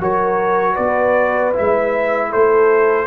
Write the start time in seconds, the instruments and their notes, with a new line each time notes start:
0.00 tuba F#3, trombone F#4, horn A#4, trumpet C#5
0.73 tuba B3, horn B4, trumpet D5
1.53 tuba G#3, trombone E4, trumpet E5
2.30 tuba A3, horn A4, trumpet C5